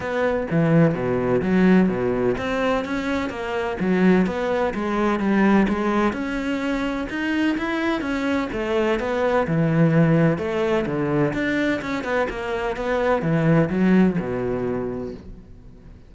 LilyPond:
\new Staff \with { instrumentName = "cello" } { \time 4/4 \tempo 4 = 127 b4 e4 b,4 fis4 | b,4 c'4 cis'4 ais4 | fis4 b4 gis4 g4 | gis4 cis'2 dis'4 |
e'4 cis'4 a4 b4 | e2 a4 d4 | d'4 cis'8 b8 ais4 b4 | e4 fis4 b,2 | }